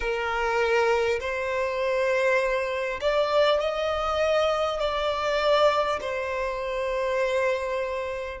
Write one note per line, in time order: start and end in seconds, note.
0.00 1.19 A#4
1.19 2.99 C5
3.01 3.59 D5
3.59 4.79 D#5
4.79 5.99 D5
6.00 8.40 C5